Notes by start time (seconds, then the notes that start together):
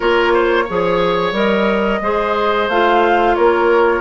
0.00 A#3 F4 A#4 C#5
0.33 C5
0.64 F3 G#4 C#5
1.32 G3 A#4 D#5
2.01 G#3 G#4 C5
2.68 A3 F4 F5
3.35 A#3 A#4 C#5